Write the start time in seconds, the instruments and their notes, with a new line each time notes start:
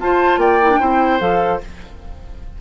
0.00 bassoon F4, clarinet F4, oboe C5, flute A5
0.38 bassoon A#3, oboe D5, flute G5
0.62 clarinet E4
0.71 clarinet D4
0.80 bassoon C4, clarinet E4, oboe C5
1.20 bassoon F3, clarinet A4, flute F5